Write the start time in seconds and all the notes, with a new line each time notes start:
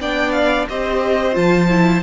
0.00 B3 D4 D5 G5
0.32 F5
0.68 C4 G4 C5 D#5
1.32 F3 F4 A5
1.69 E4